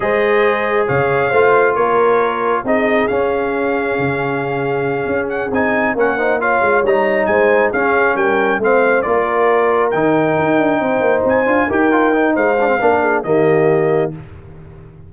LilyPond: <<
  \new Staff \with { instrumentName = "trumpet" } { \time 4/4 \tempo 4 = 136 dis''2 f''2 | cis''2 dis''4 f''4~ | f''1 | fis''8 gis''4 fis''4 f''4 ais''8~ |
ais''8 gis''4 f''4 g''4 f''8~ | f''8 d''2 g''4.~ | g''4. gis''4 g''4. | f''2 dis''2 | }
  \new Staff \with { instrumentName = "horn" } { \time 4/4 c''2 cis''4 c''4 | ais'2 gis'2~ | gis'1~ | gis'4. ais'8 c''8 cis''4.~ |
cis''8 c''4 gis'4 ais'4 c''8~ | c''8 ais'2.~ ais'8~ | ais'8 c''2 ais'4. | c''4 ais'8 gis'8 g'2 | }
  \new Staff \with { instrumentName = "trombone" } { \time 4/4 gis'2. f'4~ | f'2 dis'4 cis'4~ | cis'1~ | cis'8 dis'4 cis'8 dis'8 f'4 dis'8~ |
dis'4. cis'2 c'8~ | c'8 f'2 dis'4.~ | dis'2 f'8 g'8 f'8 dis'8~ | dis'8 d'16 c'16 d'4 ais2 | }
  \new Staff \with { instrumentName = "tuba" } { \time 4/4 gis2 cis4 a4 | ais2 c'4 cis'4~ | cis'4 cis2~ cis8 cis'8~ | cis'8 c'4 ais4. gis8 g8~ |
g8 gis4 cis'4 g4 a8~ | a8 ais2 dis4 dis'8 | d'8 c'8 ais8 c'8 d'8 dis'4. | gis4 ais4 dis2 | }
>>